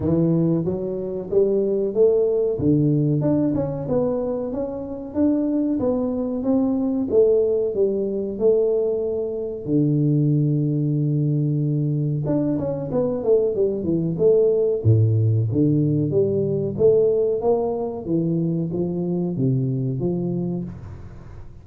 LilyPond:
\new Staff \with { instrumentName = "tuba" } { \time 4/4 \tempo 4 = 93 e4 fis4 g4 a4 | d4 d'8 cis'8 b4 cis'4 | d'4 b4 c'4 a4 | g4 a2 d4~ |
d2. d'8 cis'8 | b8 a8 g8 e8 a4 a,4 | d4 g4 a4 ais4 | e4 f4 c4 f4 | }